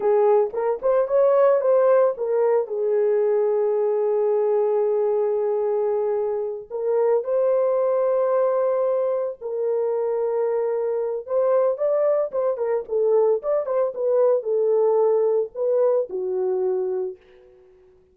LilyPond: \new Staff \with { instrumentName = "horn" } { \time 4/4 \tempo 4 = 112 gis'4 ais'8 c''8 cis''4 c''4 | ais'4 gis'2.~ | gis'1~ | gis'8 ais'4 c''2~ c''8~ |
c''4. ais'2~ ais'8~ | ais'4 c''4 d''4 c''8 ais'8 | a'4 d''8 c''8 b'4 a'4~ | a'4 b'4 fis'2 | }